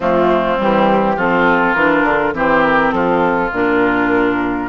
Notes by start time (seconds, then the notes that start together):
0.00 F3 A3 C4 F4
0.57 E3 G3 G4
1.16 F3 C4 F4 A4
1.73 E3 D4 A#4
2.03 D3
2.33 E3 C4 G4 C5
2.63 A#4
2.91 F3 F4 A4
3.51 A#2 D4 A#4